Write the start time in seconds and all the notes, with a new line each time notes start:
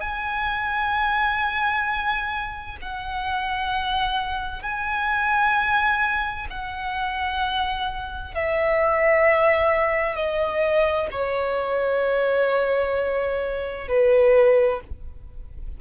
0.00 G#5
2.82 F#5
4.62 G#5
6.50 F#5
8.34 E5
10.15 D#5
11.11 C#5
13.88 B4